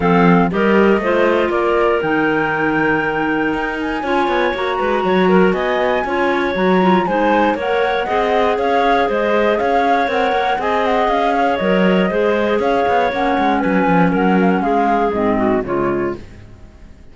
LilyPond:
<<
  \new Staff \with { instrumentName = "flute" } { \time 4/4 \tempo 4 = 119 f''4 dis''2 d''4 | g''2.~ g''8 gis''8~ | gis''4 ais''2 gis''4~ | gis''4 ais''4 gis''4 fis''4~ |
fis''4 f''4 dis''4 f''4 | fis''4 gis''8 fis''8 f''4 dis''4~ | dis''4 f''4 fis''4 gis''4 | fis''8 f''16 fis''16 f''4 dis''4 cis''4 | }
  \new Staff \with { instrumentName = "clarinet" } { \time 4/4 a'4 ais'4 c''4 ais'4~ | ais'1 | cis''4. b'8 cis''8 ais'8 dis''4 | cis''2 c''4 cis''4 |
dis''4 cis''4 c''4 cis''4~ | cis''4 dis''4. cis''4. | c''4 cis''2 b'4 | ais'4 gis'4. fis'8 f'4 | }
  \new Staff \with { instrumentName = "clarinet" } { \time 4/4 c'4 g'4 f'2 | dis'1 | f'4 fis'2. | f'4 fis'8 f'8 dis'4 ais'4 |
gis'1 | ais'4 gis'2 ais'4 | gis'2 cis'2~ | cis'2 c'4 gis4 | }
  \new Staff \with { instrumentName = "cello" } { \time 4/4 f4 g4 a4 ais4 | dis2. dis'4 | cis'8 b8 ais8 gis8 fis4 b4 | cis'4 fis4 gis4 ais4 |
c'4 cis'4 gis4 cis'4 | c'8 ais8 c'4 cis'4 fis4 | gis4 cis'8 b8 ais8 gis8 fis8 f8 | fis4 gis4 gis,4 cis4 | }
>>